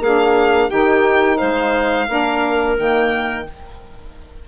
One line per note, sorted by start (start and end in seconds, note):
0.00 0.69 A#3
0.00 0.70 D4
0.00 0.70 G#4
0.00 0.71 F5
0.70 1.42 D#3
0.70 2.08 D#4
0.70 1.37 G4
0.70 1.38 G5
1.37 2.09 G#3
1.37 2.06 C5
1.37 2.76 F5
2.08 2.78 A#3
2.08 2.77 D4
2.08 3.47 A#4
2.77 3.48 D#3
2.77 3.46 A#3
2.77 3.49 G5